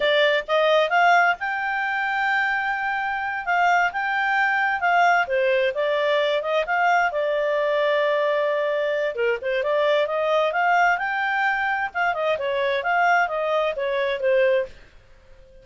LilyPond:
\new Staff \with { instrumentName = "clarinet" } { \time 4/4 \tempo 4 = 131 d''4 dis''4 f''4 g''4~ | g''2.~ g''8 f''8~ | f''8 g''2 f''4 c''8~ | c''8 d''4. dis''8 f''4 d''8~ |
d''1 | ais'8 c''8 d''4 dis''4 f''4 | g''2 f''8 dis''8 cis''4 | f''4 dis''4 cis''4 c''4 | }